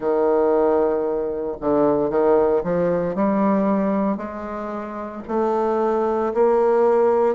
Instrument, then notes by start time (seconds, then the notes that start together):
bassoon
0.00 D#3
1.61 D3
2.10 D#3
2.63 F3
3.15 G3
4.17 G#3
5.27 A3
6.33 A#3